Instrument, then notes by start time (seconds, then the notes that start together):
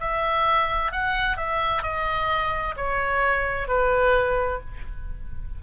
oboe
0.00 E5
0.92 F#5
1.37 E5
1.83 D#5
2.77 C#5
3.68 B4